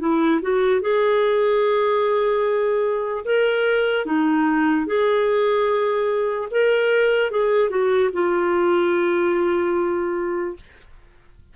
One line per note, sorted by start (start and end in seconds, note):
0.00 0.41 E4
0.42 0.81 F#4
0.81 3.24 G#4
3.25 4.06 A#4
4.06 4.86 D#4
4.86 6.49 G#4
6.51 7.31 A#4
7.31 7.70 G#4
7.70 8.10 F#4
8.13 10.56 F4